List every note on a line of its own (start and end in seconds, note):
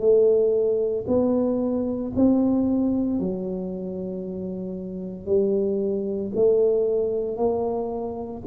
0.00 1.05 A3
1.07 2.12 B3
2.16 3.20 C4
3.20 5.26 F#3
5.26 6.32 G3
6.35 7.37 A3
7.37 8.42 A#3